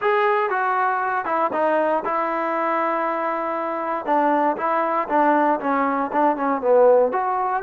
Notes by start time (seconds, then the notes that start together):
0.01 G#4
0.50 F#4
1.25 E4
1.53 D#4
2.05 E4
4.05 D4
4.56 E4
5.08 D4
5.60 C#4
6.12 D4
6.36 C#4
6.61 B3
7.12 F#4